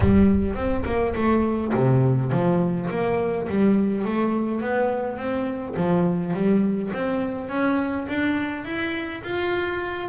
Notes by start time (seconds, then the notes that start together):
0.00 G3
0.54 C4
0.85 A#3
1.15 A3
1.74 C3
2.31 F3
2.90 A#3
3.49 G3
4.05 A3
4.61 B3
5.17 C4
5.76 F3
6.33 G3
6.93 C4
7.48 C#4
8.08 D4
8.65 E4
9.23 F4